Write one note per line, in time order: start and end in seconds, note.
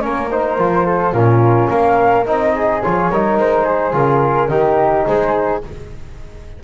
0.00 0.58 A#3
0.00 0.28 C#4
0.00 0.86 A#4
0.00 0.29 C#5
0.31 0.58 D#4
0.31 1.13 C5
0.58 1.12 F3
0.58 1.13 F4
0.86 1.13 A4
1.12 1.69 A#2
1.12 2.26 C#4
1.12 1.69 F4
1.12 1.69 A#4
1.69 2.26 A#3
1.69 2.53 A#4
1.69 2.26 F5
2.26 2.83 C4
2.26 2.82 D#4
2.26 2.82 D#5
2.55 3.11 G#4
2.82 3.10 F3
2.82 3.12 F4
2.82 3.38 C#5
3.10 3.37 G3
3.10 3.92 D#4
3.10 3.64 A#4
3.37 3.93 G#3
3.37 3.94 C5
3.64 4.49 G#4
3.92 4.48 C#3
3.92 4.48 F4
3.92 5.06 A#4
4.48 5.04 D#3
4.48 5.62 D#4
4.48 5.06 G4
5.06 5.63 G#3
5.06 5.63 G#4
5.06 5.62 C5